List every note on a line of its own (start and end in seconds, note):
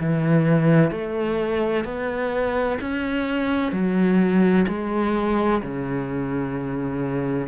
0.00 0.91 E3
0.91 1.85 A3
1.85 2.78 B3
2.81 3.72 C#4
3.72 4.66 F#3
4.68 5.62 G#3
5.62 7.47 C#3